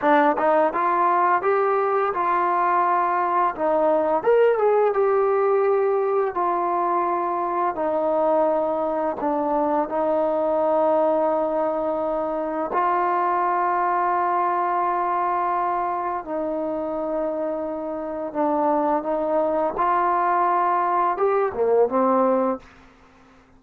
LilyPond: \new Staff \with { instrumentName = "trombone" } { \time 4/4 \tempo 4 = 85 d'8 dis'8 f'4 g'4 f'4~ | f'4 dis'4 ais'8 gis'8 g'4~ | g'4 f'2 dis'4~ | dis'4 d'4 dis'2~ |
dis'2 f'2~ | f'2. dis'4~ | dis'2 d'4 dis'4 | f'2 g'8 ais8 c'4 | }